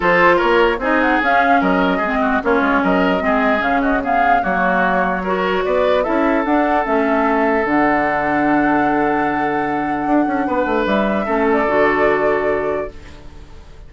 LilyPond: <<
  \new Staff \with { instrumentName = "flute" } { \time 4/4 \tempo 4 = 149 c''4 cis''4 dis''8 fis''8 f''4 | dis''2 cis''4 dis''4~ | dis''4 f''8 dis''8 f''4 cis''4~ | cis''2 d''4 e''4 |
fis''4 e''2 fis''4~ | fis''1~ | fis''2. e''4~ | e''8 d''2.~ d''8 | }
  \new Staff \with { instrumentName = "oboe" } { \time 4/4 a'4 ais'4 gis'2 | ais'4 gis'8 fis'8 f'4 ais'4 | gis'4. fis'8 gis'4 fis'4~ | fis'4 ais'4 b'4 a'4~ |
a'1~ | a'1~ | a'2 b'2 | a'1 | }
  \new Staff \with { instrumentName = "clarinet" } { \time 4/4 f'2 dis'4 cis'4~ | cis'4 c'4 cis'2 | c'4 cis'4 b4 ais4~ | ais4 fis'2 e'4 |
d'4 cis'2 d'4~ | d'1~ | d'1 | cis'4 fis'2. | }
  \new Staff \with { instrumentName = "bassoon" } { \time 4/4 f4 ais4 c'4 cis'4 | fis4 gis4 ais8 gis8 fis4 | gis4 cis2 fis4~ | fis2 b4 cis'4 |
d'4 a2 d4~ | d1~ | d4 d'8 cis'8 b8 a8 g4 | a4 d2. | }
>>